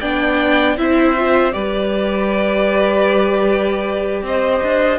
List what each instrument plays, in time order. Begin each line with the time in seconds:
0.00 cello B3, viola D4, violin D5 G5
0.76 cello C4, viola E4, violin C5 E5
1.17 viola F4
1.52 cello G3, viola G4, violin B4 D5
4.22 cello C4, violin C5 D#5
4.63 cello D4